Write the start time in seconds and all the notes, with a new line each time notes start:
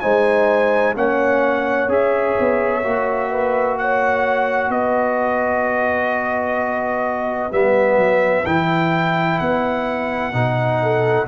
0.00 G#3 D#4 C5 G#5
0.95 A#3 C#4 C#5 F#5
1.88 C#4 G#4 E5
2.40 B3
2.83 A#3 F#4
3.31 B4
3.78 C#5 F#5
4.70 B3 B4 D#5
7.51 G3 B3 E5
7.97 F#3
8.46 E3 E4 G5
9.39 B3 F#5
10.33 B2 D#4
10.82 A4